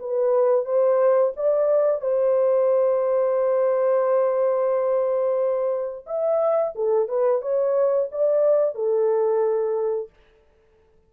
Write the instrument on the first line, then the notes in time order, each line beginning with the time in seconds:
horn
0.00 B4
0.66 C5
1.37 D5
2.01 C5
6.07 E5
6.76 A4
7.09 B4
7.42 C#5
8.12 D5
8.75 A4